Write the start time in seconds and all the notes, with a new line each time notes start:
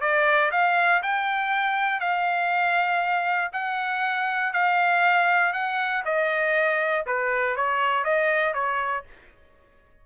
0.00 D5
0.51 F5
1.02 G5
2.00 F5
3.52 F#5
4.53 F5
5.52 F#5
6.05 D#5
7.06 B4
7.56 C#5
8.04 D#5
8.53 C#5